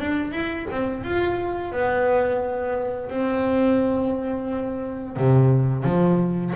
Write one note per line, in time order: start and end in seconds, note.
0.00 0.32 D4
0.32 0.66 E4
0.71 1.04 C4
1.04 1.72 F4
1.72 3.09 B3
3.09 5.16 C4
5.17 5.85 C3
5.85 6.54 F3